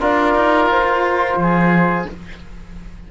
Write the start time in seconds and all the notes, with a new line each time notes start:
0.00 D4 F4 A#4 D5
0.35 D#4
0.67 F4 C5
1.36 F3 G#4